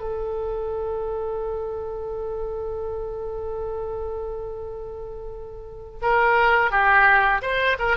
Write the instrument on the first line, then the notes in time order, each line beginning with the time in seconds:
oboe
0.00 A4
6.02 A#4
6.71 G4
7.42 C5
7.79 A#4